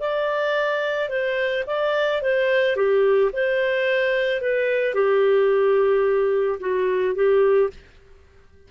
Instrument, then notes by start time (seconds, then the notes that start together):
clarinet
0.00 D5
1.09 C5
1.67 D5
2.22 C5
2.76 G4
3.33 C5
4.41 B4
4.94 G4
6.60 F#4
7.15 G4